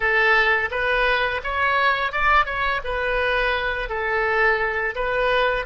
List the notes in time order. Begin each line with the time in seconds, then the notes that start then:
0.00 A4
0.70 B4
1.43 C#5
2.12 D5
2.45 C#5
2.84 B4
3.89 A4
4.95 B4